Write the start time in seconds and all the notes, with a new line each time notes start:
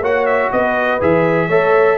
0.00 A#3 F#4 C#5 F#5
0.26 E5
0.52 B3 B4 D#5
1.01 E3 G#4 E5
1.48 A3 A4 C#5